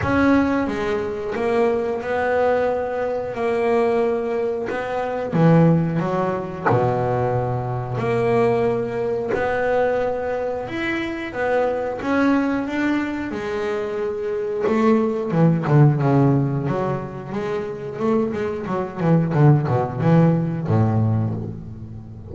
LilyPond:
\new Staff \with { instrumentName = "double bass" } { \time 4/4 \tempo 4 = 90 cis'4 gis4 ais4 b4~ | b4 ais2 b4 | e4 fis4 b,2 | ais2 b2 |
e'4 b4 cis'4 d'4 | gis2 a4 e8 d8 | cis4 fis4 gis4 a8 gis8 | fis8 e8 d8 b,8 e4 a,4 | }